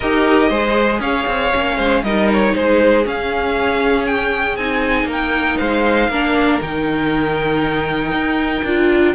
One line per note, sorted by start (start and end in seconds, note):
0.00 0.50 D#4
0.00 0.51 G4
0.00 0.49 A#4
0.00 1.00 D#5
0.49 0.99 G#3
0.49 1.53 G#4
0.49 1.00 C5
0.99 1.25 C#4
0.99 1.77 C#5
0.99 2.03 F5
1.26 1.52 C4
1.53 1.77 A#3
1.53 2.04 C#4
1.77 2.02 G#3
1.77 2.02 C5
2.02 2.53 G3
2.02 3.04 D#4
2.02 2.54 A#4
2.02 2.28 D#5
2.32 2.54 C#5
2.54 3.06 G#3
2.54 5.08 G#4
2.54 3.05 C5
3.04 4.56 C#4
3.04 4.57 C#4
3.04 4.06 F5
4.06 4.56 G5
4.56 5.04 C4
4.56 6.11 D#4
4.56 5.07 G#5
5.04 5.55 A#3
5.04 5.59 A#4
5.11 5.58 G5
5.58 6.08 G#3
5.58 6.09 C5
5.58 6.59 F5
6.08 6.59 A#3
6.08 6.61 D4
6.08 9.14 A#4
6.61 8.11 D#3
6.61 8.65 D#4
6.61 9.14 G5
8.11 8.62 D#4
8.64 9.14 D4
8.64 9.14 F4